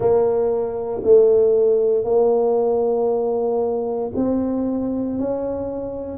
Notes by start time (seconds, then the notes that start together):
0.00 A#3
1.03 A3
2.04 A#3
4.15 C4
5.19 C#4